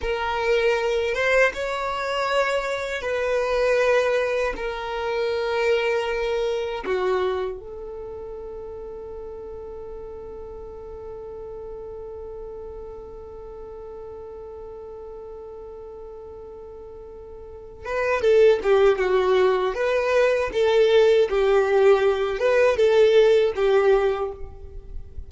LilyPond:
\new Staff \with { instrumentName = "violin" } { \time 4/4 \tempo 4 = 79 ais'4. c''8 cis''2 | b'2 ais'2~ | ais'4 fis'4 a'2~ | a'1~ |
a'1~ | a'2.~ a'8 b'8 | a'8 g'8 fis'4 b'4 a'4 | g'4. b'8 a'4 g'4 | }